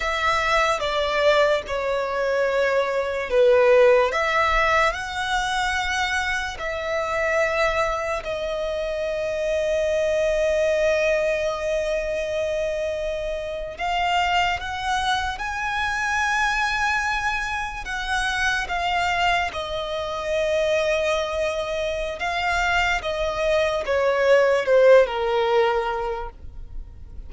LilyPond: \new Staff \with { instrumentName = "violin" } { \time 4/4 \tempo 4 = 73 e''4 d''4 cis''2 | b'4 e''4 fis''2 | e''2 dis''2~ | dis''1~ |
dis''8. f''4 fis''4 gis''4~ gis''16~ | gis''4.~ gis''16 fis''4 f''4 dis''16~ | dis''2. f''4 | dis''4 cis''4 c''8 ais'4. | }